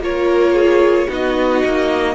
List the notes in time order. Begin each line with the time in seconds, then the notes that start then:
0.00 A#3 F4 A#4 C#5
0.55 G#4
1.08 B3 D#4 F#4 D#5
1.65 A#3